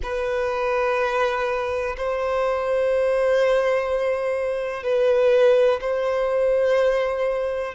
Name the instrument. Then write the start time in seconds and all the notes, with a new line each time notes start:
violin
0.02 B4
1.97 C5
4.83 B4
5.81 C5